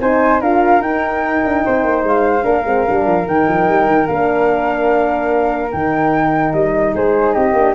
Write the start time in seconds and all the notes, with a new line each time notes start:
0.00 C4 D#4 C5 G#5
0.41 D4 F4 A#4 F5
0.81 D#4 G5
1.45 D4
1.66 C4 C5
1.84 A#3
2.04 G#3 F5
2.43 A#3 D4 A#4
2.65 G#3 C4
2.86 G3 D4
3.07 F3
3.27 D#3 D#4 G5
3.49 F3
3.69 G3
3.88 D#3
4.07 A#3 D4 F5
5.72 D#3 D#4 G5
6.54 G3 D#5
6.94 G#3 G#4 C5
7.34 C4 G4 D#5
7.53 A#3 D4